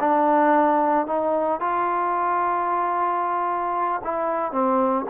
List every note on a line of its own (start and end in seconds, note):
0.00 1.07 D4
1.07 1.60 D#4
1.60 4.02 F4
4.04 4.52 E4
4.52 5.05 C4